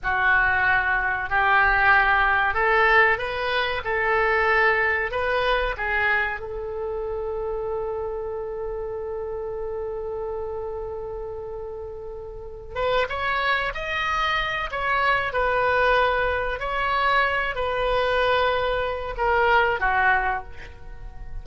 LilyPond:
\new Staff \with { instrumentName = "oboe" } { \time 4/4 \tempo 4 = 94 fis'2 g'2 | a'4 b'4 a'2 | b'4 gis'4 a'2~ | a'1~ |
a'1 | b'8 cis''4 dis''4. cis''4 | b'2 cis''4. b'8~ | b'2 ais'4 fis'4 | }